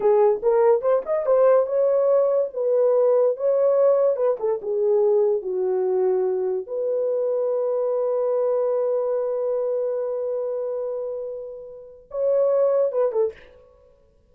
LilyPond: \new Staff \with { instrumentName = "horn" } { \time 4/4 \tempo 4 = 144 gis'4 ais'4 c''8 dis''8 c''4 | cis''2 b'2 | cis''2 b'8 a'8 gis'4~ | gis'4 fis'2. |
b'1~ | b'1~ | b'1~ | b'4 cis''2 b'8 a'8 | }